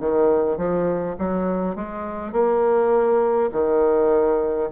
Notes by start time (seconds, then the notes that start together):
0.00 D#3
0.57 F3
1.18 F#3
1.75 G#3
2.32 A#3
3.52 D#3